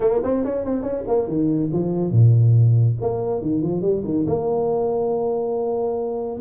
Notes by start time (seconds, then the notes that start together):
0.00 A#3
0.23 C4
0.44 C#4
0.64 C4
0.82 C#4
1.07 A#3
1.27 D#3
1.72 F3
2.11 A#2
3.01 A#3
3.41 D#3
3.62 F3
3.81 G3
4.04 D#3
4.26 A#3